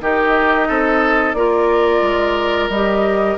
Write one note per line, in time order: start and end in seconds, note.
0.00 0.67 D#3
0.00 1.36 D#4
0.00 0.68 G4
0.00 1.33 D#5
0.68 1.34 C4
0.68 1.35 A4
1.33 2.01 A#3
1.33 2.71 F4
1.33 3.37 A#4
1.33 2.68 D5
2.02 2.69 G#3
2.69 3.36 G3
2.69 3.37 G4
2.69 3.37 D#5